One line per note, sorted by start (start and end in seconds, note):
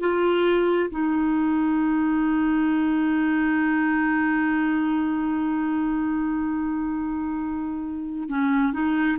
0.00 0.90 F4
0.90 8.29 D#4
8.29 8.73 C#4
8.73 9.18 D#4